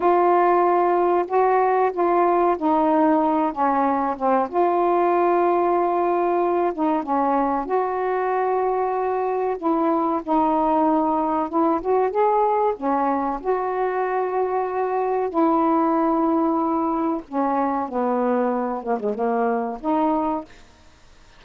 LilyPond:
\new Staff \with { instrumentName = "saxophone" } { \time 4/4 \tempo 4 = 94 f'2 fis'4 f'4 | dis'4. cis'4 c'8 f'4~ | f'2~ f'8 dis'8 cis'4 | fis'2. e'4 |
dis'2 e'8 fis'8 gis'4 | cis'4 fis'2. | e'2. cis'4 | b4. ais16 gis16 ais4 dis'4 | }